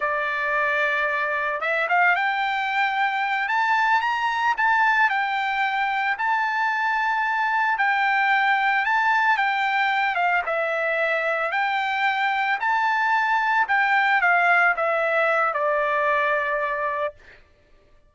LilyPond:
\new Staff \with { instrumentName = "trumpet" } { \time 4/4 \tempo 4 = 112 d''2. e''8 f''8 | g''2~ g''8 a''4 ais''8~ | ais''8 a''4 g''2 a''8~ | a''2~ a''8 g''4.~ |
g''8 a''4 g''4. f''8 e''8~ | e''4. g''2 a''8~ | a''4. g''4 f''4 e''8~ | e''4 d''2. | }